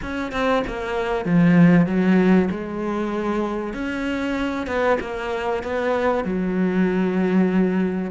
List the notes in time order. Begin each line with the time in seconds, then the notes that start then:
0.02 C#4
0.32 C4
0.67 A#3
1.25 F3
1.86 F#3
2.50 G#3
3.73 C#4
4.66 B3
5.00 A#3
5.63 B3
6.24 F#3